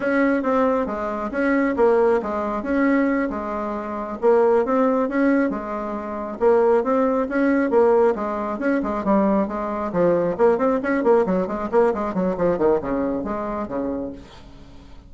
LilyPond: \new Staff \with { instrumentName = "bassoon" } { \time 4/4 \tempo 4 = 136 cis'4 c'4 gis4 cis'4 | ais4 gis4 cis'4. gis8~ | gis4. ais4 c'4 cis'8~ | cis'8 gis2 ais4 c'8~ |
c'8 cis'4 ais4 gis4 cis'8 | gis8 g4 gis4 f4 ais8 | c'8 cis'8 ais8 fis8 gis8 ais8 gis8 fis8 | f8 dis8 cis4 gis4 cis4 | }